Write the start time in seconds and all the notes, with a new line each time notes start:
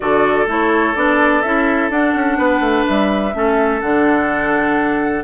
0.00 D3 F#4 A4 D5
0.46 A3 E4 C#5
0.95 B3 D4 D5
1.41 C#4 E4 E5
1.90 D4 F#5
2.14 C#4
2.37 B3 B4
2.60 A3
2.86 G3 E5
3.33 A3 C#4 A4
3.80 D3 D4 F#5